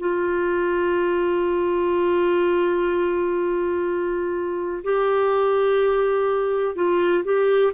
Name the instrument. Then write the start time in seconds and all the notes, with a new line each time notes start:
clarinet
0.00 F4
4.84 G4
6.76 F4
7.25 G4